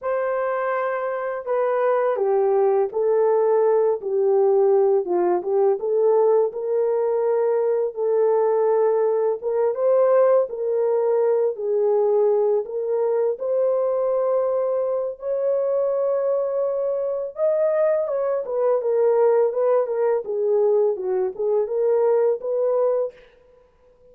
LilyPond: \new Staff \with { instrumentName = "horn" } { \time 4/4 \tempo 4 = 83 c''2 b'4 g'4 | a'4. g'4. f'8 g'8 | a'4 ais'2 a'4~ | a'4 ais'8 c''4 ais'4. |
gis'4. ais'4 c''4.~ | c''4 cis''2. | dis''4 cis''8 b'8 ais'4 b'8 ais'8 | gis'4 fis'8 gis'8 ais'4 b'4 | }